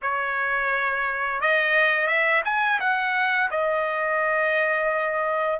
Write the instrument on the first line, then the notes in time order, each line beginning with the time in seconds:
trumpet
0.02 C#5
1.40 D#5
2.07 E5
2.45 G#5
2.80 F#5
3.50 D#5